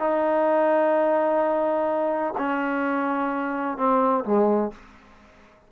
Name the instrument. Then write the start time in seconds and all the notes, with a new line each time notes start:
trombone
0.00 D#4
2.38 C#4
3.78 C4
4.25 G#3